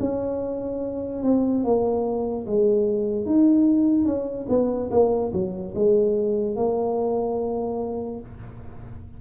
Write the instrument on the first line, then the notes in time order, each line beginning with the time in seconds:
tuba
0.00 C#4
1.23 C4
1.64 A#3
2.47 G#3
3.26 D#4
4.05 C#4
4.49 B3
4.91 A#3
5.33 F#3
5.75 G#3
6.56 A#3